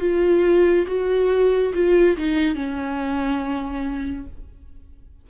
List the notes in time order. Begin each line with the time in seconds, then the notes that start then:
0.00 F4
0.87 F#4
1.74 F4
2.17 D#4
2.55 C#4